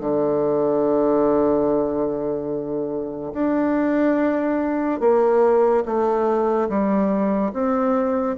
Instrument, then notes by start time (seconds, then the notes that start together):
bassoon
0.00 D3
3.34 D4
5.01 A#3
5.86 A3
6.69 G3
7.53 C4